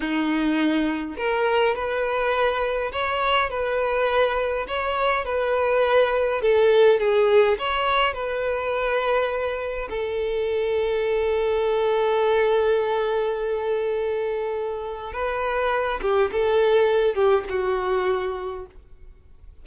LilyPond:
\new Staff \with { instrumentName = "violin" } { \time 4/4 \tempo 4 = 103 dis'2 ais'4 b'4~ | b'4 cis''4 b'2 | cis''4 b'2 a'4 | gis'4 cis''4 b'2~ |
b'4 a'2.~ | a'1~ | a'2 b'4. g'8 | a'4. g'8 fis'2 | }